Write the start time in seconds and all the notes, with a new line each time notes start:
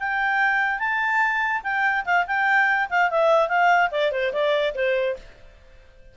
0.00 G5
0.79 A5
1.64 G5
2.06 F5
2.27 G5
2.90 F5
3.11 E5
3.49 F5
3.91 D5
4.12 C5
4.33 D5
4.75 C5